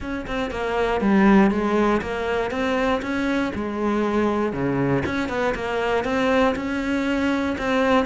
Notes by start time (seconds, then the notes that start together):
0.00 C#4
0.26 C4
0.50 A#3
1.00 G3
1.50 G#3
2.01 A#3
2.50 C4
3.01 C#4
3.55 G#3
4.52 C#3
5.05 C#4
5.28 B3
5.55 A#3
6.04 C4
6.55 C#4
7.57 C4